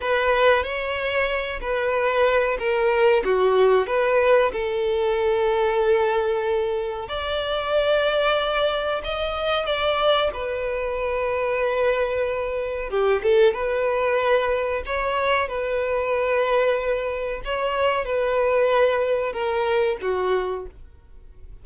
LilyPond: \new Staff \with { instrumentName = "violin" } { \time 4/4 \tempo 4 = 93 b'4 cis''4. b'4. | ais'4 fis'4 b'4 a'4~ | a'2. d''4~ | d''2 dis''4 d''4 |
b'1 | g'8 a'8 b'2 cis''4 | b'2. cis''4 | b'2 ais'4 fis'4 | }